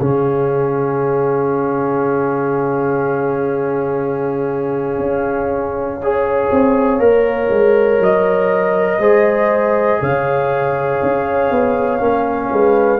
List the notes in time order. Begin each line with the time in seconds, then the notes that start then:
0.00 C#3 C#4 G#4 F5
4.99 C#4
6.03 G#4 C#5
6.51 C4
7.00 A#3 A#4
7.50 G#3
8.00 F#3 D#5
8.99 G#3 G#4 C5
10.01 C#3 C#5 F5
11.03 C#4
11.51 B3
12.00 A#3 C#4
12.51 G#3 B4